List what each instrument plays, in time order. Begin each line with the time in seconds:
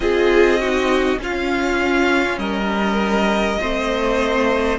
0.00 cello C4, viola F4, violin G#4 D#5
0.59 viola D#4, violin F#4
1.19 cello C#4, viola C#4, violin F4 F5
2.38 cello G3, violin A#4 D#5
3.60 cello A3, viola C4, violin C5